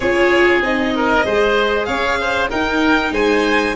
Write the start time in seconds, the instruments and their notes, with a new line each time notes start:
0.00 tuba C#4, viola F4, oboe G#4, violin C#5
0.61 tuba C4, viola D#4, violin D#5
0.95 oboe A#4
1.24 tuba G#3, viola G#4, oboe C5
1.85 tuba C#4, oboe C#5, violin F5
2.20 oboe C5
2.50 viola D#4, tuba D#4, oboe A#4, violin G5
3.11 tuba G#3, oboe C5, violin G#5